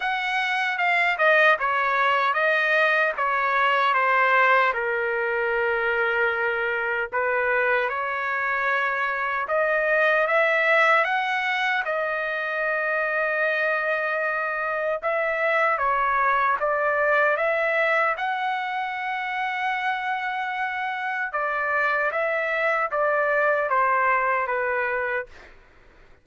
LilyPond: \new Staff \with { instrumentName = "trumpet" } { \time 4/4 \tempo 4 = 76 fis''4 f''8 dis''8 cis''4 dis''4 | cis''4 c''4 ais'2~ | ais'4 b'4 cis''2 | dis''4 e''4 fis''4 dis''4~ |
dis''2. e''4 | cis''4 d''4 e''4 fis''4~ | fis''2. d''4 | e''4 d''4 c''4 b'4 | }